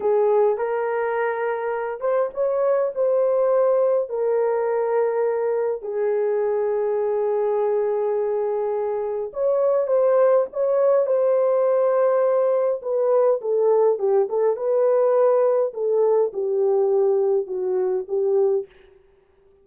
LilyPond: \new Staff \with { instrumentName = "horn" } { \time 4/4 \tempo 4 = 103 gis'4 ais'2~ ais'8 c''8 | cis''4 c''2 ais'4~ | ais'2 gis'2~ | gis'1 |
cis''4 c''4 cis''4 c''4~ | c''2 b'4 a'4 | g'8 a'8 b'2 a'4 | g'2 fis'4 g'4 | }